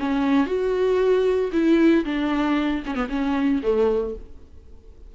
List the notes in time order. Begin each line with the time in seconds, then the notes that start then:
0.00 C#4
0.47 F#4
1.52 E4
2.05 D4
2.86 C#4
2.95 B3
3.10 C#4
3.63 A3